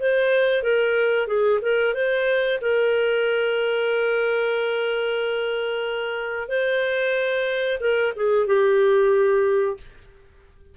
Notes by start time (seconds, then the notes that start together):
0.00 C5
0.63 A#4
1.27 G#4
1.62 A#4
1.94 C5
2.61 A#4
6.49 C5
7.80 A#4
8.16 G#4
8.47 G4